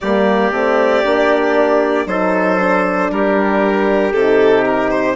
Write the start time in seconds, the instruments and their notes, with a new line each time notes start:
0.00 bassoon G3, horn A#3, trumpet G4, violin D5
0.51 bassoon A3, horn C4
1.03 bassoon A#3, horn D4
2.06 bassoon F#3, horn D#4, trumpet A4, violin C5
2.58 horn D4
3.11 bassoon G3, trumpet G4, violin A#4
4.12 bassoon C3, horn D#4, violin A4
4.65 violin A#4
4.90 violin C5